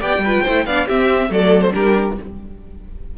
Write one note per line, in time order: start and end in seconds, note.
0.00 0.18 B3
0.00 0.22 G4
0.00 0.22 D5
0.00 0.66 G5
0.18 0.40 G3
0.25 0.48 F4
0.25 0.44 B4
0.44 0.66 A3
0.44 0.69 E4
0.44 0.65 C5
0.66 0.88 B3
0.66 0.88 D4
0.66 0.87 D5
0.66 0.88 F5
0.87 1.29 C4
0.87 1.30 C4
0.87 1.30 G4
0.87 1.32 E5
1.29 1.73 F#3
1.29 1.71 A3
1.29 1.74 A4
1.29 1.62 D5
1.62 1.73 C5
1.71 2.18 G3
1.71 2.14 D4
1.71 2.17 G4
1.71 2.18 A#4